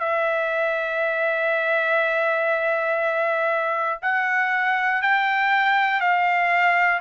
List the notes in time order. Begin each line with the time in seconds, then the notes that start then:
0.00 E5
4.02 F#5
5.02 G5
6.00 F5